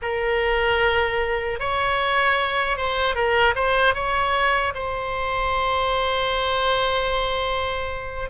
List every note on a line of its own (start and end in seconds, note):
0.02 1.59 A#4
1.59 2.77 C#5
2.77 3.15 C5
3.15 3.54 A#4
3.55 3.94 C5
3.94 4.73 C#5
4.74 8.29 C5